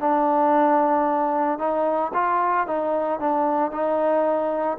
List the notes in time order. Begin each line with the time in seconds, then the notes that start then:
0.00 D4
1.59 D#4
2.14 F4
2.67 D#4
3.20 D4
3.71 D#4